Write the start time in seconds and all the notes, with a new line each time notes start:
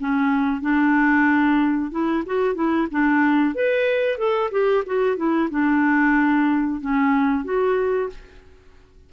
0.00 C#4
0.61 D4
1.91 E4
2.26 F#4
2.55 E4
2.91 D4
3.55 B4
4.18 A4
4.51 G4
4.86 F#4
5.17 E4
5.50 D4
6.81 C#4
7.44 F#4